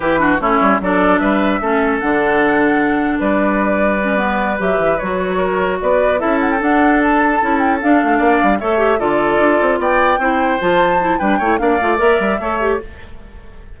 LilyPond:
<<
  \new Staff \with { instrumentName = "flute" } { \time 4/4 \tempo 4 = 150 b'4 cis''4 d''4 e''4~ | e''4 fis''2. | d''2.~ d''8 e''8~ | e''8 cis''2 d''4 e''8 |
fis''16 g''16 fis''4 a''4. g''8 f''8~ | f''4. e''4 d''4.~ | d''8 g''2 a''4. | g''4 f''4 e''2 | }
  \new Staff \with { instrumentName = "oboe" } { \time 4/4 g'8 fis'8 e'4 a'4 b'4 | a'1 | b'1~ | b'4. ais'4 b'4 a'8~ |
a'1~ | a'8 d''4 cis''4 a'4.~ | a'8 d''4 c''2~ c''8 | b'8 cis''8 d''2 cis''4 | }
  \new Staff \with { instrumentName = "clarinet" } { \time 4/4 e'8 d'8 cis'4 d'2 | cis'4 d'2.~ | d'2 cis'8 b4 g'8~ | g'8 fis'2. e'8~ |
e'8 d'2 e'4 d'8~ | d'4. a'8 g'8 f'4.~ | f'4. e'4 f'4 e'8 | d'8 e'8 d'8 f'8 ais'4 a'8 g'8 | }
  \new Staff \with { instrumentName = "bassoon" } { \time 4/4 e4 a8 g8 fis4 g4 | a4 d2. | g2.~ g8 fis8 | e8 fis2 b4 cis'8~ |
cis'8 d'2 cis'4 d'8 | a8 ais8 g8 a4 d4 d'8 | c'8 b4 c'4 f4. | g8 a8 ais8 a8 ais8 g8 a4 | }
>>